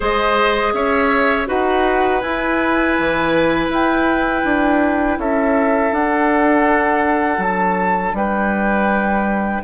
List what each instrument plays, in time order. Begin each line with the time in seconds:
0.00 bassoon G#3, clarinet G#4, oboe C5, flute D#5
0.73 bassoon C#4, oboe C#5, flute E5
1.46 bassoon D#4, clarinet F#4, oboe B4, flute F#5
2.20 bassoon E4, clarinet E4, flute G#5
2.98 bassoon E3
3.69 bassoon E4, flute G5
4.44 bassoon D4
5.17 bassoon C#4, oboe A4, flute E5
5.91 bassoon D4, clarinet D4, flute F#5
7.38 bassoon F#3, flute A5
8.12 bassoon G3, oboe B4, flute G5